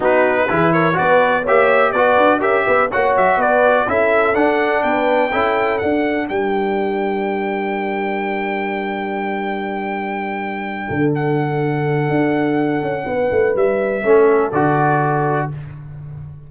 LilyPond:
<<
  \new Staff \with { instrumentName = "trumpet" } { \time 4/4 \tempo 4 = 124 b'4. cis''8 d''4 e''4 | d''4 e''4 fis''8 e''8 d''4 | e''4 fis''4 g''2 | fis''4 g''2.~ |
g''1~ | g''2. fis''4~ | fis''1 | e''2 d''2 | }
  \new Staff \with { instrumentName = "horn" } { \time 4/4 fis'4 gis'8 ais'8 b'4 cis''4 | b'4 ais'8 b'8 cis''4 b'4 | a'2 b'4 a'4~ | a'4 ais'2.~ |
ais'1~ | ais'2~ ais'8 a'4.~ | a'2. b'4~ | b'4 a'2. | }
  \new Staff \with { instrumentName = "trombone" } { \time 4/4 dis'4 e'4 fis'4 g'4 | fis'4 g'4 fis'2 | e'4 d'2 e'4 | d'1~ |
d'1~ | d'1~ | d'1~ | d'4 cis'4 fis'2 | }
  \new Staff \with { instrumentName = "tuba" } { \time 4/4 b4 e4 b4 ais4 | b8 d'8 cis'8 b8 ais8 fis8 b4 | cis'4 d'4 b4 cis'4 | d'4 g2.~ |
g1~ | g2~ g8 d4.~ | d4 d'4. cis'8 b8 a8 | g4 a4 d2 | }
>>